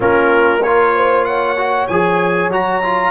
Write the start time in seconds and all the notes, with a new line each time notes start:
0.00 A#3 C#4 F4 A#4
0.61 F4 A#4 C#5
0.95 C5
1.24 C#5 F#5
1.57 F#4
1.87 F3 G#4 G#5
2.48 F#3 F#4 A#5
2.82 F4